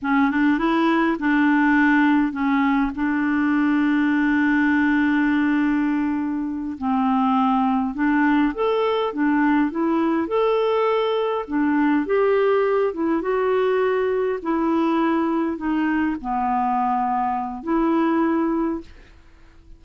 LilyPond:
\new Staff \with { instrumentName = "clarinet" } { \time 4/4 \tempo 4 = 102 cis'8 d'8 e'4 d'2 | cis'4 d'2.~ | d'2.~ d'8 c'8~ | c'4. d'4 a'4 d'8~ |
d'8 e'4 a'2 d'8~ | d'8 g'4. e'8 fis'4.~ | fis'8 e'2 dis'4 b8~ | b2 e'2 | }